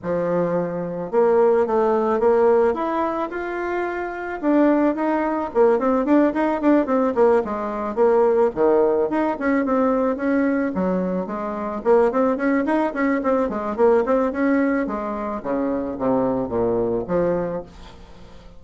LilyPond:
\new Staff \with { instrumentName = "bassoon" } { \time 4/4 \tempo 4 = 109 f2 ais4 a4 | ais4 e'4 f'2 | d'4 dis'4 ais8 c'8 d'8 dis'8 | d'8 c'8 ais8 gis4 ais4 dis8~ |
dis8 dis'8 cis'8 c'4 cis'4 fis8~ | fis8 gis4 ais8 c'8 cis'8 dis'8 cis'8 | c'8 gis8 ais8 c'8 cis'4 gis4 | cis4 c4 ais,4 f4 | }